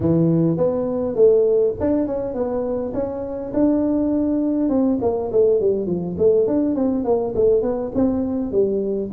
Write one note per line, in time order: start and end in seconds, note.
0.00 0.57 E3
0.57 1.15 B3
1.15 1.74 A3
1.79 2.06 D4
2.06 2.34 C#4
2.34 2.93 B3
2.93 3.52 C#4
3.53 4.69 D4
4.69 4.98 C4
5.01 5.31 A#3
5.32 5.60 A3
5.60 5.86 G3
5.86 6.16 F3
6.18 6.47 A3
6.47 6.75 D4
6.75 7.04 C4
7.04 7.34 A#3
7.35 7.62 A3
7.62 7.91 B3
7.94 8.51 C4
8.51 9.10 G3